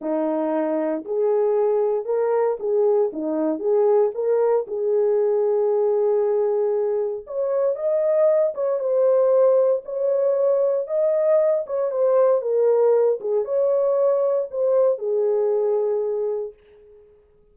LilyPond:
\new Staff \with { instrumentName = "horn" } { \time 4/4 \tempo 4 = 116 dis'2 gis'2 | ais'4 gis'4 dis'4 gis'4 | ais'4 gis'2.~ | gis'2 cis''4 dis''4~ |
dis''8 cis''8 c''2 cis''4~ | cis''4 dis''4. cis''8 c''4 | ais'4. gis'8 cis''2 | c''4 gis'2. | }